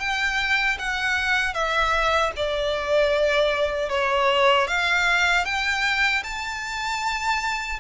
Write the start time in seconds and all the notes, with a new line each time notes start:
0.00 G5
0.79 F#5
1.54 E5
2.36 D5
3.90 C#5
4.68 F5
5.45 G5
6.24 A5